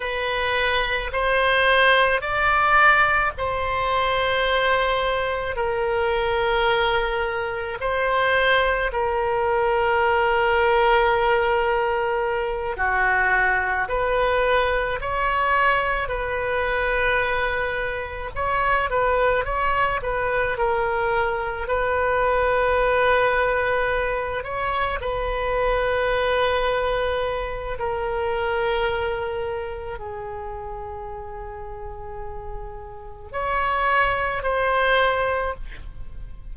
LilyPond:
\new Staff \with { instrumentName = "oboe" } { \time 4/4 \tempo 4 = 54 b'4 c''4 d''4 c''4~ | c''4 ais'2 c''4 | ais'2.~ ais'8 fis'8~ | fis'8 b'4 cis''4 b'4.~ |
b'8 cis''8 b'8 cis''8 b'8 ais'4 b'8~ | b'2 cis''8 b'4.~ | b'4 ais'2 gis'4~ | gis'2 cis''4 c''4 | }